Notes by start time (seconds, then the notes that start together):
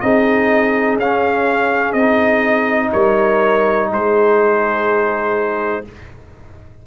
0.00 C4 D#4 G#4 D#5
0.97 C#4 F5
1.93 C4 D#4 D#5
2.92 G3 A#4 C#5
3.90 G#3 G#4 C5